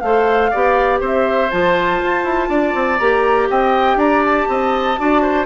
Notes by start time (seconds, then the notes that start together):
0.00 A3 A4 C5 F5
0.51 B3 G4 D5
1.00 C4 C5 E5
1.50 F3 F4 A5
2.04 F4
2.24 E4
2.49 D4 D5
2.74 C4
2.98 A#3 G4 A#5
3.50 C4 D#5 G5
3.96 D4 D5 A#5
4.25 A5
4.49 C4 D#5
4.98 D4 F#4 D5
5.22 C5